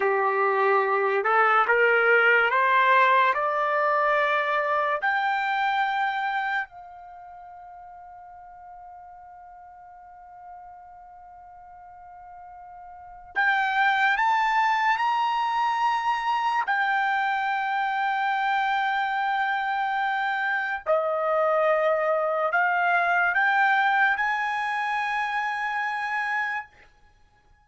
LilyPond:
\new Staff \with { instrumentName = "trumpet" } { \time 4/4 \tempo 4 = 72 g'4. a'8 ais'4 c''4 | d''2 g''2 | f''1~ | f''1 |
g''4 a''4 ais''2 | g''1~ | g''4 dis''2 f''4 | g''4 gis''2. | }